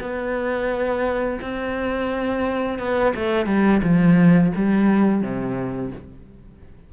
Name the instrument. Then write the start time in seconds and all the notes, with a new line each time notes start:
cello
0.00 B3
1.41 C4
2.79 B3
3.16 A3
3.46 G3
3.82 F3
4.55 G3
5.22 C3